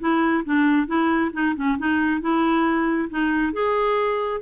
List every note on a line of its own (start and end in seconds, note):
0.00 0.44 E4
0.45 0.87 D4
0.87 1.31 E4
1.33 1.55 D#4
1.56 1.78 C#4
1.78 2.21 D#4
2.21 3.09 E4
3.10 3.53 D#4
3.53 4.42 G#4